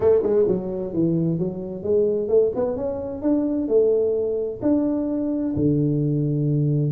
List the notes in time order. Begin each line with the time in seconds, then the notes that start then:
0.00 A3
0.22 G#3
0.47 F#3
0.93 E3
1.38 F#3
1.83 G#3
2.28 A3
2.55 B3
2.76 C#4
3.22 D4
3.68 A3
4.62 D4
5.56 D3